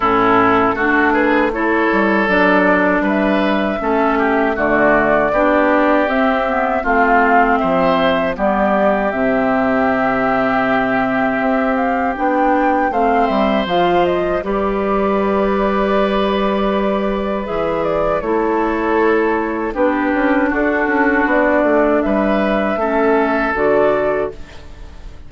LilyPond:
<<
  \new Staff \with { instrumentName = "flute" } { \time 4/4 \tempo 4 = 79 a'4. b'8 cis''4 d''4 | e''2 d''2 | e''4 f''4 e''4 d''4 | e''2.~ e''8 f''8 |
g''4 f''8 e''8 f''8 dis''8 d''4~ | d''2. e''8 d''8 | cis''2 b'4 a'4 | d''4 e''2 d''4 | }
  \new Staff \with { instrumentName = "oboe" } { \time 4/4 e'4 fis'8 gis'8 a'2 | b'4 a'8 g'8 fis'4 g'4~ | g'4 f'4 c''4 g'4~ | g'1~ |
g'4 c''2 b'4~ | b'1 | a'2 g'4 fis'4~ | fis'4 b'4 a'2 | }
  \new Staff \with { instrumentName = "clarinet" } { \time 4/4 cis'4 d'4 e'4 d'4~ | d'4 cis'4 a4 d'4 | c'8 b8 c'2 b4 | c'1 |
d'4 c'4 f'4 g'4~ | g'2. gis'4 | e'2 d'2~ | d'2 cis'4 fis'4 | }
  \new Staff \with { instrumentName = "bassoon" } { \time 4/4 a,4 a4. g8 fis4 | g4 a4 d4 b4 | c'4 a4 f4 g4 | c2. c'4 |
b4 a8 g8 f4 g4~ | g2. e4 | a2 b8 cis'8 d'8 cis'8 | b8 a8 g4 a4 d4 | }
>>